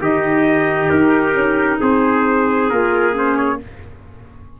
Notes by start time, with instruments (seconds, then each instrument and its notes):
0.00 tuba D#3, clarinet D#4, trumpet G4 D#5
0.89 tuba D#4, trumpet A#4
1.34 tuba C#4
1.80 tuba C4, trumpet G#4 C5
2.70 tuba A#3, clarinet F4, trumpet A#4
3.12 clarinet C#4, trumpet C5
3.36 trumpet C#5